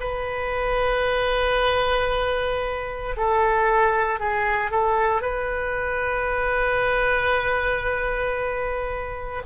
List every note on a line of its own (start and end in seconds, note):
0.00 3.16 B4
3.17 4.20 A4
4.20 4.71 G#4
4.71 5.22 A4
5.22 9.43 B4